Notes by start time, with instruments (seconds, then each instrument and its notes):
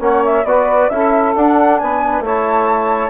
0.00 bassoon A#3, trombone C#4, saxophone C#5, flute F#5
0.25 flute E5
0.45 bassoon B3, trombone F#4, saxophone B4, flute D5
0.90 bassoon C#4, trombone E4, saxophone A4, flute E5
1.36 trombone D4, bassoon D4, flute F#5
1.79 bassoon B3, saxophone B4, flute G#5
2.21 bassoon A3, trombone E4, saxophone C#5
2.27 flute A5